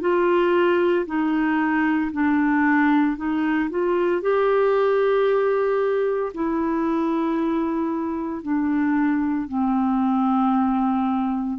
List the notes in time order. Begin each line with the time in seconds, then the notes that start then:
0.00 F4
1.06 D#4
2.11 D4
3.17 D#4
3.69 F4
4.22 G4
6.33 E4
8.42 D4
9.48 C4